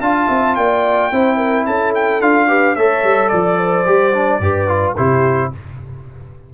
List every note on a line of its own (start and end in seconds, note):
0.00 0.28 D4
0.00 1.12 F4
0.00 0.28 F5
0.00 0.55 A5
0.28 0.57 C4
0.28 0.55 E5
0.55 1.11 A#3
0.55 1.11 D5
0.55 1.65 G5
1.11 1.66 C4
1.11 2.21 E4
1.11 1.37 C5
1.37 1.64 A#4
1.66 2.21 C#4
1.66 2.47 A4
1.66 1.93 A5
1.94 2.21 G5
2.21 2.76 D4
2.21 2.48 F4
2.21 2.75 F5
2.47 2.75 G4
2.47 2.75 B4
2.75 3.03 A3
2.75 3.85 A4
2.75 3.30 C#5
2.75 3.28 E5
3.03 3.31 G3
3.28 3.86 F3
3.28 4.93 D5
3.28 3.58 D5
3.58 4.40 C5
3.85 4.39 G3
3.85 4.13 G4
4.13 4.40 D4
4.39 4.94 G2
4.39 4.68 G4
4.39 4.96 B4
4.68 4.95 F4
4.96 5.53 C3
4.96 5.52 E4
4.96 5.51 G4
4.96 5.51 C5